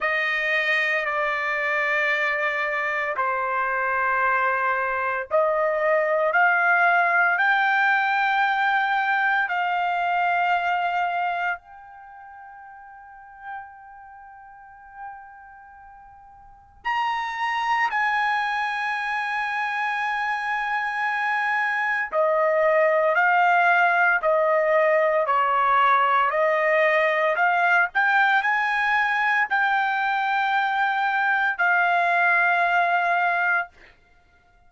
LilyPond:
\new Staff \with { instrumentName = "trumpet" } { \time 4/4 \tempo 4 = 57 dis''4 d''2 c''4~ | c''4 dis''4 f''4 g''4~ | g''4 f''2 g''4~ | g''1 |
ais''4 gis''2.~ | gis''4 dis''4 f''4 dis''4 | cis''4 dis''4 f''8 g''8 gis''4 | g''2 f''2 | }